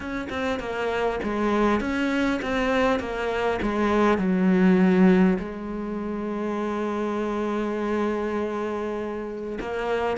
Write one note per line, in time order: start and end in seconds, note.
0.00 0.28 C#4
0.29 0.59 C4
0.59 1.19 A#3
1.23 1.80 G#3
1.80 2.40 C#4
2.42 2.99 C4
2.99 3.59 A#3
3.62 4.18 G#3
4.18 5.38 F#3
5.38 9.58 G#3
9.60 10.17 A#3